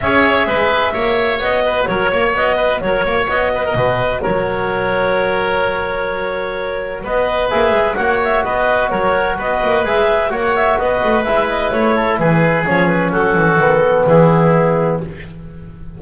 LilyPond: <<
  \new Staff \with { instrumentName = "clarinet" } { \time 4/4 \tempo 4 = 128 e''2. dis''4 | cis''4 dis''4 cis''4 dis''4~ | dis''4 cis''2.~ | cis''2. dis''4 |
e''4 fis''8 e''8 dis''4 cis''4 | dis''4 e''4 fis''8 e''8 dis''4 | e''8 dis''8 cis''4 b'4 cis''8 b'8 | a'2 gis'2 | }
  \new Staff \with { instrumentName = "oboe" } { \time 4/4 cis''4 b'4 cis''4. b'8 | ais'8 cis''4 b'8 ais'8 cis''4 b'16 ais'16 | b'4 ais'2.~ | ais'2. b'4~ |
b'4 cis''4 b'4 ais'4 | b'2 cis''4 b'4~ | b'4. a'8 gis'2 | fis'2 e'2 | }
  \new Staff \with { instrumentName = "trombone" } { \time 4/4 gis'2 fis'2~ | fis'1~ | fis'1~ | fis'1 |
gis'4 fis'2.~ | fis'4 gis'4 fis'2 | e'2. cis'4~ | cis'4 b2. | }
  \new Staff \with { instrumentName = "double bass" } { \time 4/4 cis'4 gis4 ais4 b4 | fis8 ais8 b4 fis8 ais8 b4 | b,4 fis2.~ | fis2. b4 |
ais8 gis8 ais4 b4 fis4 | b8 ais8 gis4 ais4 b8 a8 | gis4 a4 e4 f4 | fis8 e8 dis4 e2 | }
>>